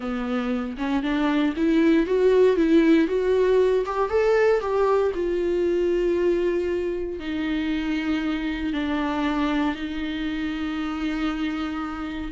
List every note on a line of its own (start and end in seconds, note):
0.00 0.76 B3
0.77 1.03 C#4
1.03 1.54 D4
1.56 2.06 E4
2.06 2.56 F#4
2.56 3.07 E4
3.07 3.84 F#4
3.85 4.09 G4
4.09 4.60 A4
4.60 5.11 G4
5.14 7.19 F4
7.19 8.73 D#4
8.73 9.75 D4
9.75 12.31 D#4